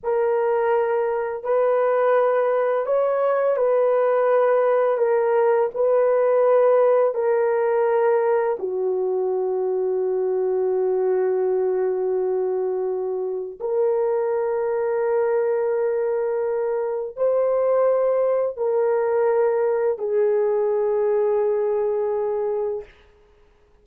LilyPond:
\new Staff \with { instrumentName = "horn" } { \time 4/4 \tempo 4 = 84 ais'2 b'2 | cis''4 b'2 ais'4 | b'2 ais'2 | fis'1~ |
fis'2. ais'4~ | ais'1 | c''2 ais'2 | gis'1 | }